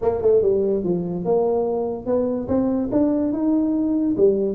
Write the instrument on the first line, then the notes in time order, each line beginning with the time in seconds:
tuba
0.01 A#3
0.21 A3
0.42 G3
0.83 F3
1.24 A#3
2.06 B3
2.48 C4
2.91 D4
3.33 D#4
4.17 G3